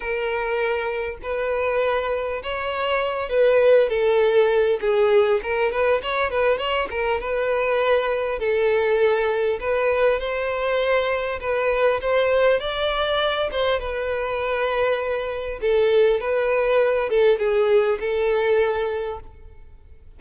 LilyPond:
\new Staff \with { instrumentName = "violin" } { \time 4/4 \tempo 4 = 100 ais'2 b'2 | cis''4. b'4 a'4. | gis'4 ais'8 b'8 cis''8 b'8 cis''8 ais'8 | b'2 a'2 |
b'4 c''2 b'4 | c''4 d''4. c''8 b'4~ | b'2 a'4 b'4~ | b'8 a'8 gis'4 a'2 | }